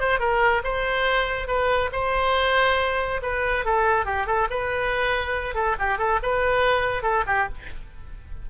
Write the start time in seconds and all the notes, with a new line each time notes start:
0.00 C5
0.20 A#4
0.64 C5
1.48 B4
1.93 C5
3.23 B4
3.65 A4
4.06 G4
4.27 A4
4.51 B4
5.55 A4
5.79 G4
5.98 A4
6.23 B4
7.03 A4
7.27 G4